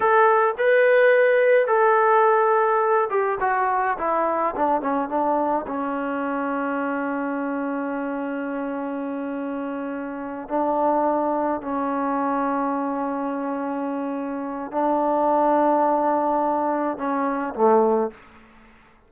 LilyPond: \new Staff \with { instrumentName = "trombone" } { \time 4/4 \tempo 4 = 106 a'4 b'2 a'4~ | a'4. g'8 fis'4 e'4 | d'8 cis'8 d'4 cis'2~ | cis'1~ |
cis'2~ cis'8 d'4.~ | d'8 cis'2.~ cis'8~ | cis'2 d'2~ | d'2 cis'4 a4 | }